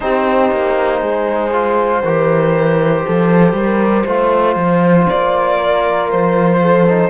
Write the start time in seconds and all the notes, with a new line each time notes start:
0.00 C4 D#4 G4 C5
0.51 A#3
0.99 G#3 G#4
1.51 F4
2.03 E3 G4 A#4
3.05 F3 A4
3.53 G3 A#4
4.05 A3 F4 C5
4.56 F3
5.08 A#3 D5
5.57 A#4
6.10 F3 C5
6.61 A4
6.88 D#4